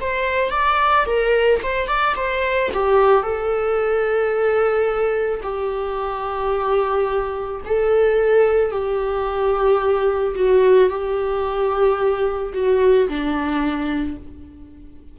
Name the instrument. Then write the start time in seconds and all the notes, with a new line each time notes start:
viola
0.00 C5
0.51 D5
1.06 A#4
1.63 C5
1.87 D5
2.16 C5
2.74 G4
3.23 A4
5.43 G4
7.65 A4
8.71 G4
10.35 F#4
10.89 G4
12.54 F#4
13.08 D4